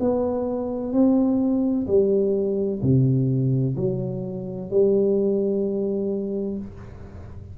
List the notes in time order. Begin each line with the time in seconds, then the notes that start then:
0.00 B3
0.93 C4
1.87 G3
2.82 C3
3.76 F#3
4.70 G3